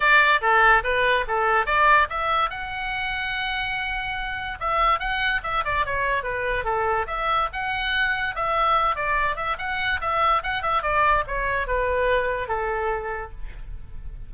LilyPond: \new Staff \with { instrumentName = "oboe" } { \time 4/4 \tempo 4 = 144 d''4 a'4 b'4 a'4 | d''4 e''4 fis''2~ | fis''2. e''4 | fis''4 e''8 d''8 cis''4 b'4 |
a'4 e''4 fis''2 | e''4. d''4 e''8 fis''4 | e''4 fis''8 e''8 d''4 cis''4 | b'2 a'2 | }